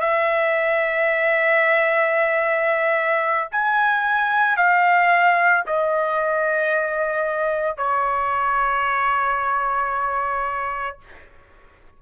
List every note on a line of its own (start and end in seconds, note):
0.00 3.48 E5
3.51 4.57 G#5
4.57 5.64 F5
5.66 7.77 D#5
7.77 10.98 C#5